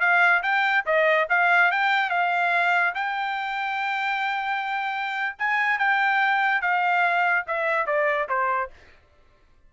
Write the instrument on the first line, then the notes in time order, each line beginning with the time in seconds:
trumpet
0.00 F5
0.42 G5
0.85 D#5
1.29 F5
1.71 G5
2.10 F5
2.94 G5
5.38 G#5
5.78 G5
6.61 F5
7.47 E5
7.86 D5
8.28 C5